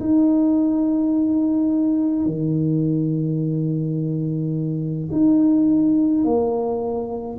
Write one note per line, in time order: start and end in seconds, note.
0.00 2.26 D#4
2.26 5.09 D#3
5.12 6.25 D#4
6.25 7.38 A#3